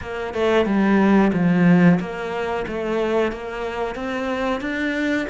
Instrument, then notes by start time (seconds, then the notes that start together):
cello
0.01 A#3
0.34 A3
0.65 G3
1.33 F3
1.99 A#3
2.67 A3
3.31 A#3
3.95 C4
4.61 D4